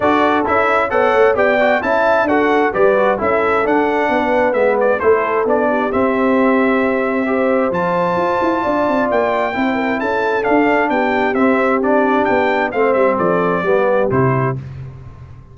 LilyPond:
<<
  \new Staff \with { instrumentName = "trumpet" } { \time 4/4 \tempo 4 = 132 d''4 e''4 fis''4 g''4 | a''4 fis''4 d''4 e''4 | fis''2 e''8 d''8 c''4 | d''4 e''2.~ |
e''4 a''2. | g''2 a''4 f''4 | g''4 e''4 d''4 g''4 | f''8 e''8 d''2 c''4 | }
  \new Staff \with { instrumentName = "horn" } { \time 4/4 a'2 cis''4 d''4 | e''4 a'4 b'4 a'4~ | a'4 b'2 a'4~ | a'8 g'2.~ g'8 |
c''2. d''4~ | d''4 c''8 ais'8 a'2 | g'1 | c''4 a'4 g'2 | }
  \new Staff \with { instrumentName = "trombone" } { \time 4/4 fis'4 e'4 a'4 g'8 fis'8 | e'4 fis'4 g'8 fis'8 e'4 | d'2 b4 e'4 | d'4 c'2. |
g'4 f'2.~ | f'4 e'2 d'4~ | d'4 c'4 d'2 | c'2 b4 e'4 | }
  \new Staff \with { instrumentName = "tuba" } { \time 4/4 d'4 cis'4 b8 a8 b4 | cis'4 d'4 g4 cis'4 | d'4 b4 gis4 a4 | b4 c'2.~ |
c'4 f4 f'8 e'8 d'8 c'8 | ais4 c'4 cis'4 d'4 | b4 c'2 b4 | a8 g8 f4 g4 c4 | }
>>